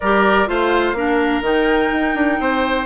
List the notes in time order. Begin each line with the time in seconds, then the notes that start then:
0.00 G3 G4 A#4 D5
0.46 A3 F4 C5 F5
0.93 A#3 D4 A#4
1.41 D#3 D#4 G5
1.92 D#4
2.14 D4
2.39 C4 C5